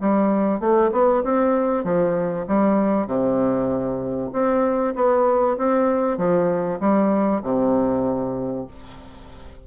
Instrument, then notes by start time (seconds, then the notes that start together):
bassoon
0.00 G3
0.60 A3
0.92 B3
1.23 C4
1.84 F3
2.47 G3
3.06 C3
4.32 C4
4.95 B3
5.57 C4
6.17 F3
6.80 G3
7.43 C3